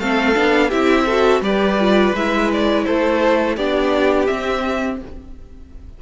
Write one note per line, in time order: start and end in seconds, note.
0.00 0.36 A3
0.00 0.35 C4
0.00 0.69 A4
0.00 0.71 F5
0.35 0.72 B3
0.35 0.71 D4
0.69 1.42 C4
0.69 1.08 E4
0.69 1.05 G4
0.69 1.42 E5
1.06 1.43 F#4
1.06 1.41 A4
1.42 2.13 G3
1.42 1.79 G4
1.42 2.86 B4
1.42 2.15 D5
1.80 2.16 F4
2.14 2.85 G#3
2.14 3.58 E4
2.14 2.51 E5
2.53 2.85 D5
2.85 3.57 A3
2.85 3.57 A4
2.85 3.56 C5
3.57 4.29 B3
3.57 4.27 D4
3.57 5.00 G4
3.57 4.27 D5
4.27 4.99 C4
4.27 5.02 C4
4.27 4.98 E5